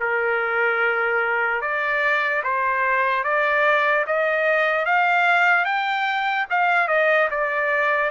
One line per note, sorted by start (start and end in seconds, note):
0.00 1.62 A#4
1.62 2.43 D5
2.44 3.24 C5
3.24 4.05 D5
4.07 4.86 D#5
4.86 5.65 F5
5.65 6.46 G5
6.50 6.88 F5
6.88 7.29 D#5
7.31 8.11 D5